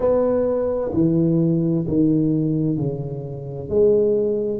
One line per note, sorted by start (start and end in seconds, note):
0.00 0.91 B3
0.93 1.85 E3
1.87 2.77 D#3
2.77 3.69 C#3
3.69 4.60 G#3